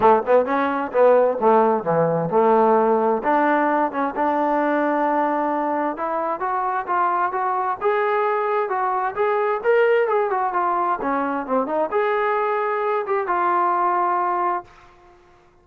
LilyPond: \new Staff \with { instrumentName = "trombone" } { \time 4/4 \tempo 4 = 131 a8 b8 cis'4 b4 a4 | e4 a2 d'4~ | d'8 cis'8 d'2.~ | d'4 e'4 fis'4 f'4 |
fis'4 gis'2 fis'4 | gis'4 ais'4 gis'8 fis'8 f'4 | cis'4 c'8 dis'8 gis'2~ | gis'8 g'8 f'2. | }